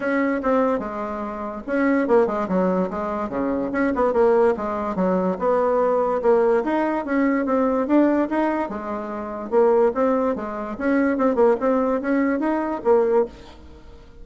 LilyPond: \new Staff \with { instrumentName = "bassoon" } { \time 4/4 \tempo 4 = 145 cis'4 c'4 gis2 | cis'4 ais8 gis8 fis4 gis4 | cis4 cis'8 b8 ais4 gis4 | fis4 b2 ais4 |
dis'4 cis'4 c'4 d'4 | dis'4 gis2 ais4 | c'4 gis4 cis'4 c'8 ais8 | c'4 cis'4 dis'4 ais4 | }